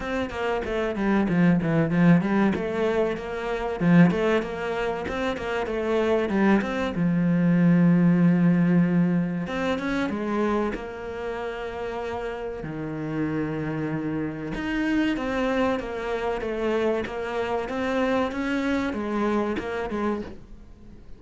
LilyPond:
\new Staff \with { instrumentName = "cello" } { \time 4/4 \tempo 4 = 95 c'8 ais8 a8 g8 f8 e8 f8 g8 | a4 ais4 f8 a8 ais4 | c'8 ais8 a4 g8 c'8 f4~ | f2. c'8 cis'8 |
gis4 ais2. | dis2. dis'4 | c'4 ais4 a4 ais4 | c'4 cis'4 gis4 ais8 gis8 | }